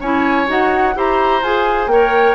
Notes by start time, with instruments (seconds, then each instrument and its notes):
0.00 bassoon C#4, clarinet E4, oboe C#5, flute G#5
0.47 bassoon D#4, clarinet F#4, flute F#5
0.95 bassoon E4, clarinet G4, oboe C5, flute A#5
1.42 bassoon F4, clarinet G#4, flute G#5
1.86 bassoon A#3, clarinet A#4, oboe C#5, flute G5